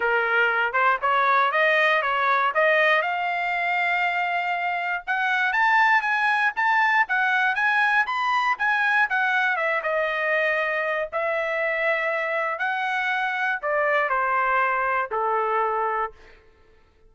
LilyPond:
\new Staff \with { instrumentName = "trumpet" } { \time 4/4 \tempo 4 = 119 ais'4. c''8 cis''4 dis''4 | cis''4 dis''4 f''2~ | f''2 fis''4 a''4 | gis''4 a''4 fis''4 gis''4 |
b''4 gis''4 fis''4 e''8 dis''8~ | dis''2 e''2~ | e''4 fis''2 d''4 | c''2 a'2 | }